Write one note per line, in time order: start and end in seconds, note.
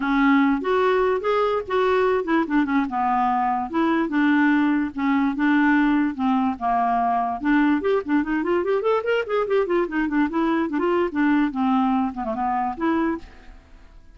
0.00 0.61 C#4
0.61 1.20 F#4
1.20 1.62 G#4
1.67 2.24 F#4
2.24 2.45 E4
2.47 2.65 D4
2.65 2.85 C#4
2.89 3.69 B3
3.69 4.08 E4
4.08 4.90 D4
4.94 5.35 C#4
5.35 6.14 D4
6.14 6.55 C4
6.59 7.40 A#3
7.40 7.81 D4
7.81 8.01 G4
8.05 8.23 D4
8.23 8.43 D#4
8.43 8.64 F4
8.64 8.82 G4
8.82 9.02 A4
9.03 9.24 A#4
9.26 9.46 G#4
9.47 9.66 G4
9.66 9.86 F4
9.88 10.08 D#4
10.08 10.28 D4
10.29 10.69 E4
10.69 10.78 D4
10.78 11.09 F4
11.11 11.51 D4
11.51 12.13 C4
12.14 12.24 B3
12.24 12.34 A3
12.34 12.75 B3
12.76 13.17 E4